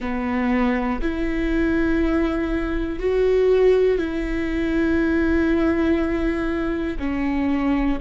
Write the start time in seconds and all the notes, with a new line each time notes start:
0.00 B3
1.01 E4
2.99 F#4
3.98 E4
6.99 C#4